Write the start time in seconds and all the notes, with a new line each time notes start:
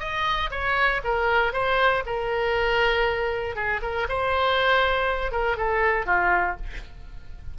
0.00 D#5
0.51 C#5
1.04 A#4
1.53 C5
2.06 A#4
3.56 G#4
3.82 A#4
4.09 C5
5.32 A#4
5.57 A4
6.06 F4